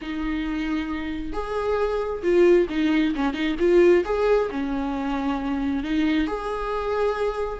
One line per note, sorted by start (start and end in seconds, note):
0.01 1.32 D#4
1.32 2.22 G#4
2.23 2.67 F4
2.69 3.14 D#4
3.15 3.33 C#4
3.33 3.56 D#4
3.59 4.04 F4
4.04 4.49 G#4
4.50 5.83 C#4
5.83 6.27 D#4
6.27 7.59 G#4